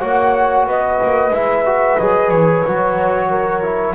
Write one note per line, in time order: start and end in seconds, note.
0.00 0.67 A#3
0.00 1.33 F#4
0.00 0.66 C#5
0.00 0.66 F#5
0.67 1.00 B3
0.67 3.30 B4
0.67 1.34 D#5
1.04 1.31 A#3
1.31 1.97 G#3
1.31 1.66 E4
1.31 2.00 E5
1.66 1.99 F#4
1.99 2.31 F#3
1.99 2.66 G#4
1.99 2.30 D#5
2.30 2.64 E3
2.30 3.95 C#5
2.67 3.95 F#3
2.67 3.63 F#4
3.30 3.95 A#4
3.63 3.95 E4